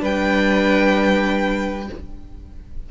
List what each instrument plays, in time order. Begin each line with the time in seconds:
0.00 cello G3, viola D4, violin B4 G5